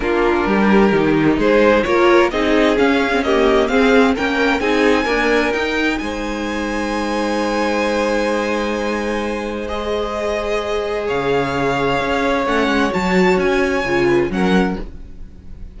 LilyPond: <<
  \new Staff \with { instrumentName = "violin" } { \time 4/4 \tempo 4 = 130 ais'2. c''4 | cis''4 dis''4 f''4 dis''4 | f''4 g''4 gis''2 | g''4 gis''2.~ |
gis''1~ | gis''4 dis''2. | f''2. fis''4 | a''4 gis''2 fis''4 | }
  \new Staff \with { instrumentName = "violin" } { \time 4/4 f'4 g'2 gis'4 | ais'4 gis'2 g'4 | gis'4 ais'4 gis'4 ais'4~ | ais'4 c''2.~ |
c''1~ | c''1 | cis''1~ | cis''2~ cis''8 b'8 ais'4 | }
  \new Staff \with { instrumentName = "viola" } { \time 4/4 d'2 dis'2 | f'4 dis'4 cis'8. c'16 ais4 | c'4 cis'4 dis'4 ais4 | dis'1~ |
dis'1~ | dis'4 gis'2.~ | gis'2. cis'4 | fis'2 f'4 cis'4 | }
  \new Staff \with { instrumentName = "cello" } { \time 4/4 ais4 g4 dis4 gis4 | ais4 c'4 cis'2 | c'4 ais4 c'4 d'4 | dis'4 gis2.~ |
gis1~ | gis1 | cis2 cis'4 a8 gis8 | fis4 cis'4 cis4 fis4 | }
>>